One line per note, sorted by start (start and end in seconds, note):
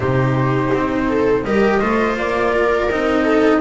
0.00 0.71 C3
0.00 1.44 D#4
0.00 1.06 G4
0.00 1.44 C5
0.74 1.44 C4
1.09 1.45 A4
1.44 1.80 G3
1.44 1.81 G4
1.44 1.80 A#4
1.44 2.16 D#5
1.80 2.17 A3
1.80 2.89 F4
1.80 2.52 C5
2.17 2.89 A#3
2.17 2.90 D5
2.52 3.23 A#4
2.90 3.60 C4
2.90 3.60 D#4
2.90 3.60 D#5
3.23 3.59 A4